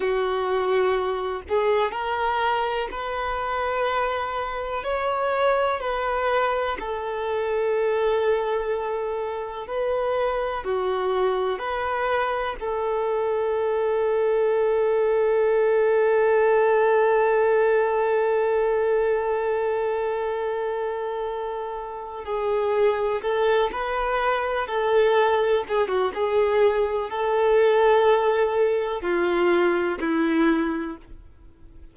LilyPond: \new Staff \with { instrumentName = "violin" } { \time 4/4 \tempo 4 = 62 fis'4. gis'8 ais'4 b'4~ | b'4 cis''4 b'4 a'4~ | a'2 b'4 fis'4 | b'4 a'2.~ |
a'1~ | a'2. gis'4 | a'8 b'4 a'4 gis'16 fis'16 gis'4 | a'2 f'4 e'4 | }